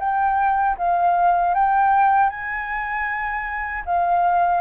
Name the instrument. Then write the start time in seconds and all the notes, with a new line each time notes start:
flute
0.00 G5
0.78 F5
1.54 G5
2.30 G#5
3.86 F5